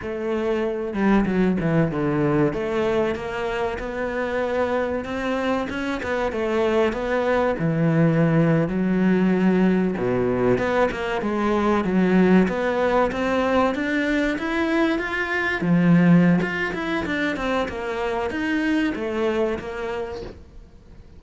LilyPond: \new Staff \with { instrumentName = "cello" } { \time 4/4 \tempo 4 = 95 a4. g8 fis8 e8 d4 | a4 ais4 b2 | c'4 cis'8 b8 a4 b4 | e4.~ e16 fis2 b,16~ |
b,8. b8 ais8 gis4 fis4 b16~ | b8. c'4 d'4 e'4 f'16~ | f'8. f4~ f16 f'8 e'8 d'8 c'8 | ais4 dis'4 a4 ais4 | }